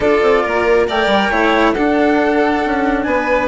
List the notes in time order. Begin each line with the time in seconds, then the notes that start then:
0.00 D4 F4 A4 D5
0.21 C4
0.43 A#3 A#4
0.87 A3 A#4 D5 G5
1.06 G3
1.30 A3 E4 C#5
1.72 D4 A4 F#5
2.65 C#4
3.02 B3 B4 G#5